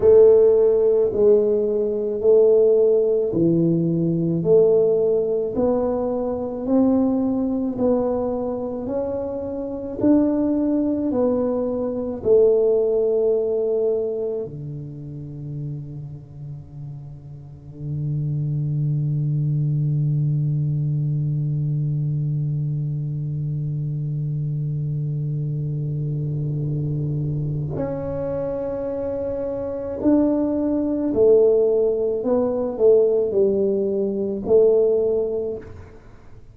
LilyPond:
\new Staff \with { instrumentName = "tuba" } { \time 4/4 \tempo 4 = 54 a4 gis4 a4 e4 | a4 b4 c'4 b4 | cis'4 d'4 b4 a4~ | a4 d2.~ |
d1~ | d1~ | d4 cis'2 d'4 | a4 b8 a8 g4 a4 | }